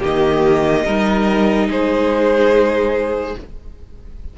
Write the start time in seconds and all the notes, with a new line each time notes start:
0.00 D#3 A#3 G4 D#5
0.85 G3 D#4 A#4
1.68 G#3 G#4 C5